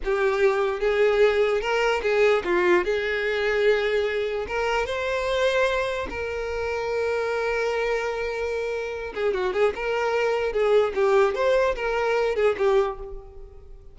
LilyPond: \new Staff \with { instrumentName = "violin" } { \time 4/4 \tempo 4 = 148 g'2 gis'2 | ais'4 gis'4 f'4 gis'4~ | gis'2. ais'4 | c''2. ais'4~ |
ais'1~ | ais'2~ ais'8 gis'8 fis'8 gis'8 | ais'2 gis'4 g'4 | c''4 ais'4. gis'8 g'4 | }